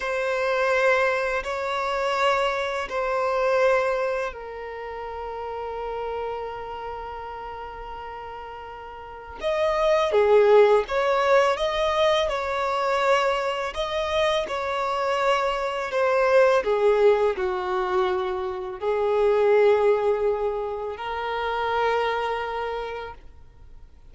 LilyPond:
\new Staff \with { instrumentName = "violin" } { \time 4/4 \tempo 4 = 83 c''2 cis''2 | c''2 ais'2~ | ais'1~ | ais'4 dis''4 gis'4 cis''4 |
dis''4 cis''2 dis''4 | cis''2 c''4 gis'4 | fis'2 gis'2~ | gis'4 ais'2. | }